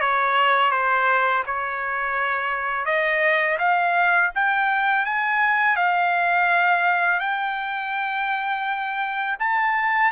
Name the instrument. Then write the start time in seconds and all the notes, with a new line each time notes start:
trumpet
0.00 C#5
0.71 C5
1.46 C#5
2.85 D#5
3.58 F5
4.34 G5
5.05 G#5
5.76 F5
7.19 G5
9.39 A5